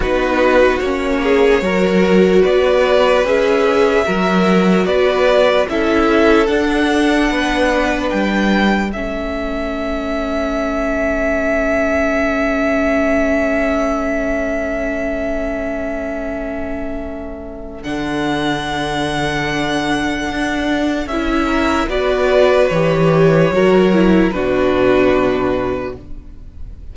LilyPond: <<
  \new Staff \with { instrumentName = "violin" } { \time 4/4 \tempo 4 = 74 b'4 cis''2 d''4 | e''2 d''4 e''4 | fis''2 g''4 e''4~ | e''1~ |
e''1~ | e''2 fis''2~ | fis''2 e''4 d''4 | cis''2 b'2 | }
  \new Staff \with { instrumentName = "violin" } { \time 4/4 fis'4. gis'8 ais'4 b'4~ | b'4 ais'4 b'4 a'4~ | a'4 b'2 a'4~ | a'1~ |
a'1~ | a'1~ | a'2~ a'8 ais'8 b'4~ | b'4 ais'4 fis'2 | }
  \new Staff \with { instrumentName = "viola" } { \time 4/4 dis'4 cis'4 fis'2 | gis'4 fis'2 e'4 | d'2. cis'4~ | cis'1~ |
cis'1~ | cis'2 d'2~ | d'2 e'4 fis'4 | g'4 fis'8 e'8 d'2 | }
  \new Staff \with { instrumentName = "cello" } { \time 4/4 b4 ais4 fis4 b4 | cis'4 fis4 b4 cis'4 | d'4 b4 g4 a4~ | a1~ |
a1~ | a2 d2~ | d4 d'4 cis'4 b4 | e4 fis4 b,2 | }
>>